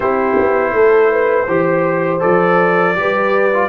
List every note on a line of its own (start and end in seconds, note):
0.00 0.37 C4
0.00 1.47 E4
0.00 0.72 G4
0.00 2.20 C5
0.38 0.73 B3
0.73 1.47 A3
0.73 1.11 A4
1.11 1.47 B4
1.47 2.21 E3
1.47 2.20 G4
1.47 2.95 C5
2.20 2.98 F3
2.20 2.94 A4
2.20 3.68 D5
2.95 3.68 G3
2.95 3.50 G4
2.95 3.68 B4
3.53 3.68 F4